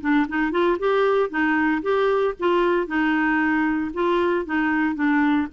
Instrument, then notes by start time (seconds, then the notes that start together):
clarinet
0.00 D4
0.28 D#4
0.51 F4
0.78 G4
1.29 D#4
1.82 G4
2.39 F4
2.86 D#4
3.93 F4
4.45 D#4
4.95 D4